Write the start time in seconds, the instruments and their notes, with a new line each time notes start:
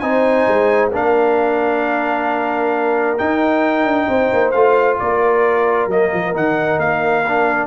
0.00 tuba C4, trombone D#4, horn C5, trumpet G#5
0.48 tuba G#3
0.91 tuba A#3, trombone D4, horn A#4, trumpet F5
3.18 trombone D#4, tuba D#4, trumpet G5
3.85 tuba D4
4.08 tuba C4, horn C5
4.33 tuba A#3
4.52 tuba A3, trombone F4, trumpet F5
5.00 tuba A#3, horn A#4, trumpet D5
5.87 tuba F#3, trombone A#3, trumpet D#5
6.14 tuba F3
6.34 tuba D#3, trombone D#4, trumpet F#5
6.78 tuba A#3, trumpet F5
7.28 trombone D4